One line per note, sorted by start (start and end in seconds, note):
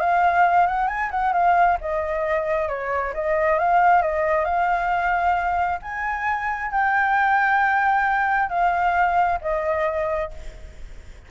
0.00 0.67 F5
0.67 0.88 F#5
0.88 1.10 G#5
1.11 1.33 F#5
1.33 1.78 F5
1.81 2.68 D#5
2.68 3.13 C#5
3.14 3.59 D#5
3.59 4.02 F5
4.02 4.45 D#5
4.45 5.79 F5
5.82 6.71 G#5
6.71 8.50 G5
8.50 9.39 F5
9.41 10.31 D#5